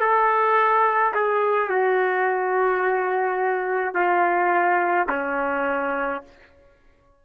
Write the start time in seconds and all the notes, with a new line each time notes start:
0.00 A4
1.14 G#4
1.69 F#4
3.94 F4
5.08 C#4